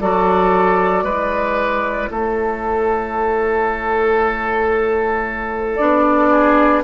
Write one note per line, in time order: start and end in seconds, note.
0.00 1.03 F#3
0.00 1.05 F#4
0.00 1.04 A4
0.00 2.09 D5
1.03 2.08 G#3
1.03 5.78 E4
1.03 2.09 B4
2.09 5.79 A3
2.09 6.30 A4
2.09 5.76 C#5
5.76 6.83 B3
5.76 6.83 D4
5.76 6.81 D5
6.30 6.82 G#4